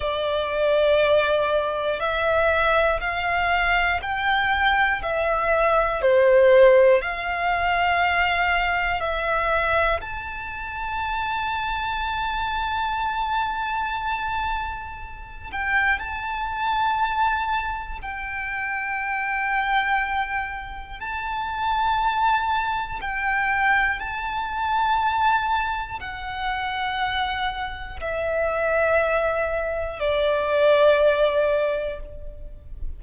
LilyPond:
\new Staff \with { instrumentName = "violin" } { \time 4/4 \tempo 4 = 60 d''2 e''4 f''4 | g''4 e''4 c''4 f''4~ | f''4 e''4 a''2~ | a''2.~ a''8 g''8 |
a''2 g''2~ | g''4 a''2 g''4 | a''2 fis''2 | e''2 d''2 | }